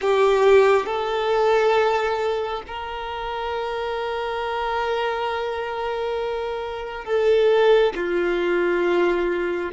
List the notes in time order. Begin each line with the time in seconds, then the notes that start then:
0.01 G4
0.86 A4
2.67 A#4
7.05 A4
7.95 F4